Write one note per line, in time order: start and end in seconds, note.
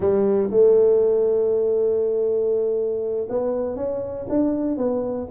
0.00 0.49 G3
0.50 3.27 A3
3.29 3.76 B3
3.76 4.26 C#4
4.29 4.77 D4
4.77 5.27 B3